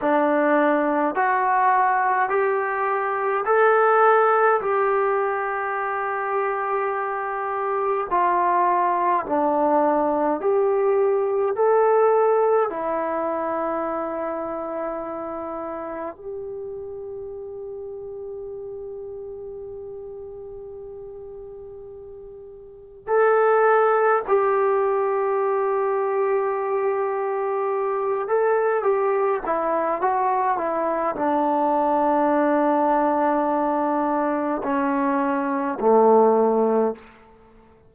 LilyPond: \new Staff \with { instrumentName = "trombone" } { \time 4/4 \tempo 4 = 52 d'4 fis'4 g'4 a'4 | g'2. f'4 | d'4 g'4 a'4 e'4~ | e'2 g'2~ |
g'1 | a'4 g'2.~ | g'8 a'8 g'8 e'8 fis'8 e'8 d'4~ | d'2 cis'4 a4 | }